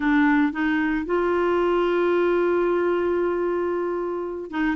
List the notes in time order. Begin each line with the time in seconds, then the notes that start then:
0.00 D4
0.52 D#4
1.05 F4
4.50 D#4